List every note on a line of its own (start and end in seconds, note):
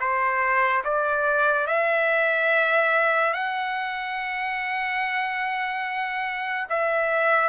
0.00 0.83 C5
0.84 1.67 D5
1.67 3.34 E5
3.34 6.67 F#5
6.70 7.50 E5